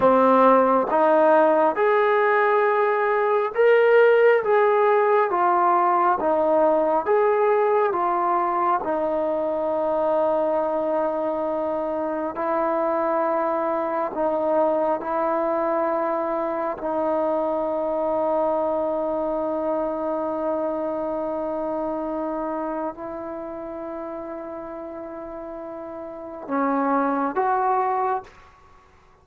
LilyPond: \new Staff \with { instrumentName = "trombone" } { \time 4/4 \tempo 4 = 68 c'4 dis'4 gis'2 | ais'4 gis'4 f'4 dis'4 | gis'4 f'4 dis'2~ | dis'2 e'2 |
dis'4 e'2 dis'4~ | dis'1~ | dis'2 e'2~ | e'2 cis'4 fis'4 | }